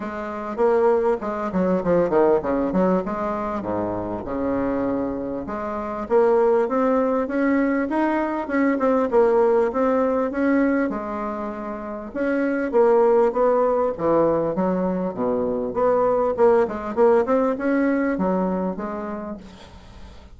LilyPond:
\new Staff \with { instrumentName = "bassoon" } { \time 4/4 \tempo 4 = 99 gis4 ais4 gis8 fis8 f8 dis8 | cis8 fis8 gis4 gis,4 cis4~ | cis4 gis4 ais4 c'4 | cis'4 dis'4 cis'8 c'8 ais4 |
c'4 cis'4 gis2 | cis'4 ais4 b4 e4 | fis4 b,4 b4 ais8 gis8 | ais8 c'8 cis'4 fis4 gis4 | }